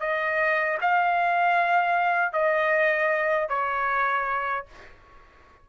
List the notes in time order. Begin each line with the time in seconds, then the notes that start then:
0.00 D#5
0.81 F5
2.33 D#5
3.49 C#5